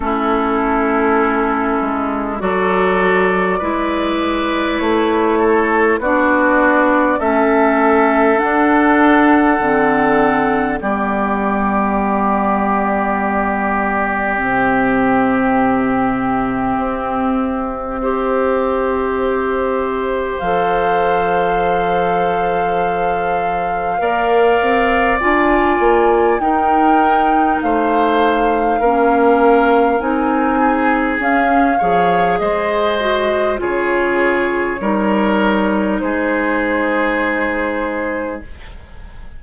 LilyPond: <<
  \new Staff \with { instrumentName = "flute" } { \time 4/4 \tempo 4 = 50 a'2 d''2 | cis''4 d''4 e''4 fis''4~ | fis''4 d''2. | e''1~ |
e''4 f''2.~ | f''4 gis''4 g''4 f''4~ | f''4 gis''4 f''4 dis''4 | cis''2 c''2 | }
  \new Staff \with { instrumentName = "oboe" } { \time 4/4 e'2 a'4 b'4~ | b'8 a'8 fis'4 a'2~ | a'4 g'2.~ | g'2. c''4~ |
c''1 | d''2 ais'4 c''4 | ais'4. gis'4 cis''8 c''4 | gis'4 ais'4 gis'2 | }
  \new Staff \with { instrumentName = "clarinet" } { \time 4/4 cis'2 fis'4 e'4~ | e'4 d'4 cis'4 d'4 | c'4 b2. | c'2. g'4~ |
g'4 a'2. | ais'4 f'4 dis'2 | cis'4 dis'4 cis'8 gis'4 fis'8 | f'4 dis'2. | }
  \new Staff \with { instrumentName = "bassoon" } { \time 4/4 a4. gis8 fis4 gis4 | a4 b4 a4 d'4 | d4 g2. | c2 c'2~ |
c'4 f2. | ais8 c'8 d'8 ais8 dis'4 a4 | ais4 c'4 cis'8 f8 gis4 | cis4 g4 gis2 | }
>>